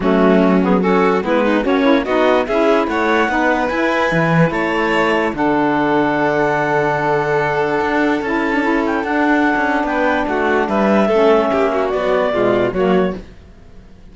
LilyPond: <<
  \new Staff \with { instrumentName = "clarinet" } { \time 4/4 \tempo 4 = 146 fis'4. gis'8 a'4 b'4 | cis''4 dis''4 e''4 fis''4~ | fis''4 gis''2 a''4~ | a''4 fis''2.~ |
fis''1 | a''4. g''8 fis''2 | g''4 fis''4 e''2~ | e''4 d''2 cis''4 | }
  \new Staff \with { instrumentName = "violin" } { \time 4/4 cis'2 fis'4 e'8 dis'8 | cis'4 fis'4 gis'4 cis''4 | b'2. cis''4~ | cis''4 a'2.~ |
a'1~ | a'1 | b'4 fis'4 b'4 a'4 | g'8 fis'4. f'4 fis'4 | }
  \new Staff \with { instrumentName = "saxophone" } { \time 4/4 a4. b8 cis'4 b4 | fis'8 e'8 dis'4 e'2 | dis'4 e'2.~ | e'4 d'2.~ |
d'1 | e'8. d'16 e'4 d'2~ | d'2. cis'4~ | cis'4 fis4 gis4 ais4 | }
  \new Staff \with { instrumentName = "cello" } { \time 4/4 fis2. gis4 | ais4 b4 cis'4 a4 | b4 e'4 e4 a4~ | a4 d2.~ |
d2. d'4 | cis'2 d'4~ d'16 cis'8. | b4 a4 g4 a4 | ais4 b4 b,4 fis4 | }
>>